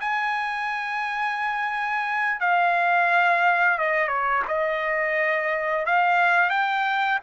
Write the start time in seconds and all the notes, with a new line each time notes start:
0.00 G#5
2.40 F5
3.78 D#5
4.08 C#5
4.48 D#5
5.86 F5
6.50 G5